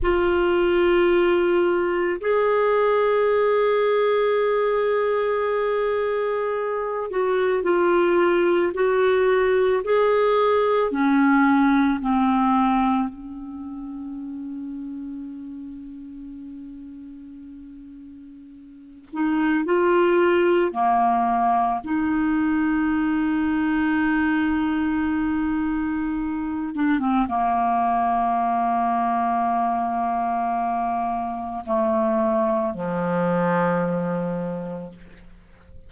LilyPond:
\new Staff \with { instrumentName = "clarinet" } { \time 4/4 \tempo 4 = 55 f'2 gis'2~ | gis'2~ gis'8 fis'8 f'4 | fis'4 gis'4 cis'4 c'4 | cis'1~ |
cis'4. dis'8 f'4 ais4 | dis'1~ | dis'8 d'16 c'16 ais2.~ | ais4 a4 f2 | }